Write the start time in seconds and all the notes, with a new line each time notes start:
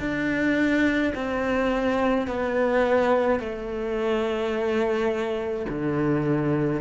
0.00 D4
1.15 C4
2.27 B3
3.40 A3
5.70 D3